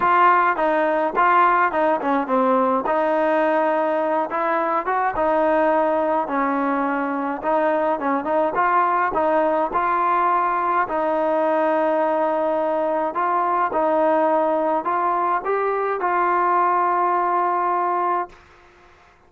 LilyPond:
\new Staff \with { instrumentName = "trombone" } { \time 4/4 \tempo 4 = 105 f'4 dis'4 f'4 dis'8 cis'8 | c'4 dis'2~ dis'8 e'8~ | e'8 fis'8 dis'2 cis'4~ | cis'4 dis'4 cis'8 dis'8 f'4 |
dis'4 f'2 dis'4~ | dis'2. f'4 | dis'2 f'4 g'4 | f'1 | }